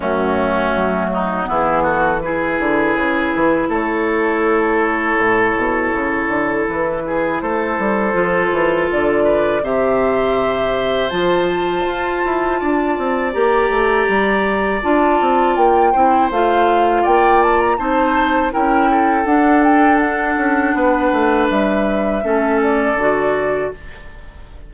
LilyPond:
<<
  \new Staff \with { instrumentName = "flute" } { \time 4/4 \tempo 4 = 81 fis'2 gis'8 a'8 b'4~ | b'4 cis''2.~ | cis''4 b'4 c''2 | d''4 e''2 a''4~ |
a''2 ais''2 | a''4 g''4 f''4 g''8 a''16 ais''16 | a''4 g''4 fis''8 g''8 fis''4~ | fis''4 e''4. d''4. | }
  \new Staff \with { instrumentName = "oboe" } { \time 4/4 cis'4. dis'8 e'8 fis'8 gis'4~ | gis'4 a'2.~ | a'4. gis'8 a'2~ | a'8 b'8 c''2.~ |
c''4 d''2.~ | d''4. c''4. d''4 | c''4 ais'8 a'2~ a'8 | b'2 a'2 | }
  \new Staff \with { instrumentName = "clarinet" } { \time 4/4 a2 b4 e'4~ | e'1~ | e'2. f'4~ | f'4 g'2 f'4~ |
f'2 g'2 | f'4. e'8 f'2 | dis'4 e'4 d'2~ | d'2 cis'4 fis'4 | }
  \new Staff \with { instrumentName = "bassoon" } { \time 4/4 fis,4 fis4 e4. d8 | cis8 e8 a2 a,8 b,8 | cis8 d8 e4 a8 g8 f8 e8 | d4 c2 f4 |
f'8 e'8 d'8 c'8 ais8 a8 g4 | d'8 c'8 ais8 c'8 a4 ais4 | c'4 cis'4 d'4. cis'8 | b8 a8 g4 a4 d4 | }
>>